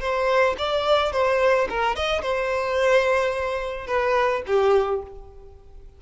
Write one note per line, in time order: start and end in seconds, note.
0.00 0.56 C5
0.58 1.12 D5
1.12 1.68 C5
1.69 1.96 A#4
1.96 2.22 D#5
2.22 3.87 C5
3.87 4.43 B4
4.46 5.02 G4